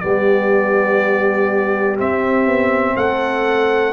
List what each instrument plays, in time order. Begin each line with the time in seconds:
0.00 tuba G3, trombone B3, horn G4, trumpet D5
1.98 trombone C4, tuba C4, trumpet E5
2.47 tuba B3
2.96 tuba A3, horn A4, trumpet F#5